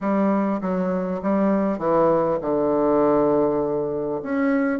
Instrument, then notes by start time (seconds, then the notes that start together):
bassoon
0.01 G3
0.61 F#3
1.22 G3
1.78 E3
2.41 D3
4.22 C#4